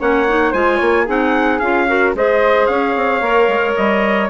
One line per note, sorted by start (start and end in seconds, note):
0.00 0.53 A#3
0.00 0.27 C#4
0.00 0.51 C#5
0.00 0.53 F#5
0.28 0.54 D#4
0.51 0.80 G#3
0.51 1.07 F4
0.51 0.77 C5
0.51 1.07 G#5
0.77 1.08 A#3
0.77 1.04 C#5
1.05 1.61 C4
1.05 1.61 D#4
1.05 1.86 G#4
1.05 1.59 F#5
1.59 2.14 C#4
1.59 1.88 F4
1.59 2.14 F5
1.88 2.15 F#4
1.88 2.16 A#4
2.14 2.68 G#3
2.14 3.22 G#4
2.14 2.71 C5
2.14 2.67 D#5
2.67 2.96 C#4
2.67 4.31 C#5
2.67 3.75 F5
2.96 3.21 C4
3.21 3.48 A#3
3.21 4.30 A#4
3.48 3.75 G#3
3.76 4.31 G3
3.76 4.30 D#5